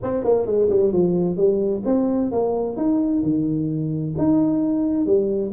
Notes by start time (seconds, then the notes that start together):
0.02 C4
0.23 A#3
0.46 G#3
0.69 G3
0.92 F3
1.36 G3
1.85 C4
2.31 A#3
2.77 D#4
3.22 D#3
4.18 D#4
5.06 G3